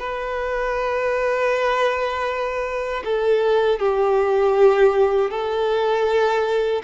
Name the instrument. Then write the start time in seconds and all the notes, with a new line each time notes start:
violin
0.00 B4
3.04 A4
3.79 G4
5.31 A4